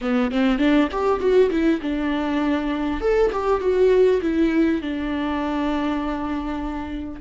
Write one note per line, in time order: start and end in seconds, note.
0.01 0.31 B3
0.31 0.58 C4
0.58 0.88 D4
0.91 1.20 G4
1.20 1.50 F#4
1.50 1.80 E4
1.81 3.01 D4
3.01 3.31 A4
3.32 3.61 G4
3.61 4.21 F#4
4.21 4.81 E4
4.81 7.20 D4